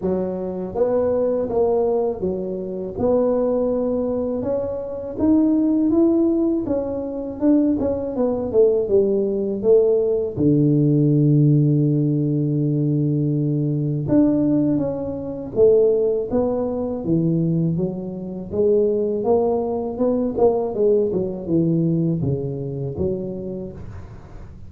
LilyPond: \new Staff \with { instrumentName = "tuba" } { \time 4/4 \tempo 4 = 81 fis4 b4 ais4 fis4 | b2 cis'4 dis'4 | e'4 cis'4 d'8 cis'8 b8 a8 | g4 a4 d2~ |
d2. d'4 | cis'4 a4 b4 e4 | fis4 gis4 ais4 b8 ais8 | gis8 fis8 e4 cis4 fis4 | }